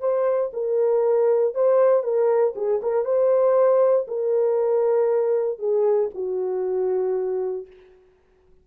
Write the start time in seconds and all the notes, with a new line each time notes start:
0.00 C5
0.53 A#4
1.54 C5
2.03 A#4
2.55 G#4
2.82 A#4
3.04 C5
4.08 A#4
5.59 G#4
6.14 F#4